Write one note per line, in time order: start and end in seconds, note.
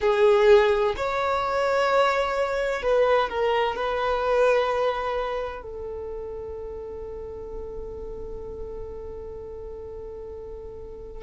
0.00 0.94 G#4
0.96 2.82 C#5
2.82 3.29 B4
3.29 3.75 A#4
3.75 5.62 B4
5.62 11.23 A4